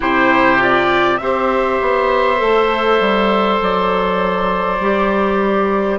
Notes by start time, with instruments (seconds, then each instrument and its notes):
0.00 bassoon C3, clarinet E4, oboe G4, trumpet C5
0.58 clarinet F4, trumpet D5
1.17 bassoon C4, clarinet G4, oboe C5, trumpet E5
1.81 bassoon B3
2.36 bassoon A3, clarinet A4
3.00 bassoon G3
3.60 bassoon F#3, trumpet D5
4.79 bassoon G3, clarinet G4